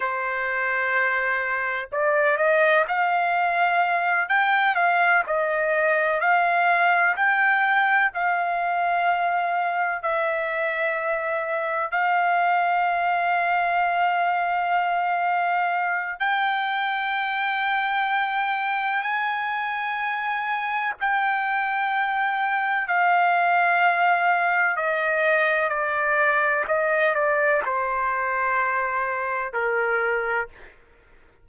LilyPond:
\new Staff \with { instrumentName = "trumpet" } { \time 4/4 \tempo 4 = 63 c''2 d''8 dis''8 f''4~ | f''8 g''8 f''8 dis''4 f''4 g''8~ | g''8 f''2 e''4.~ | e''8 f''2.~ f''8~ |
f''4 g''2. | gis''2 g''2 | f''2 dis''4 d''4 | dis''8 d''8 c''2 ais'4 | }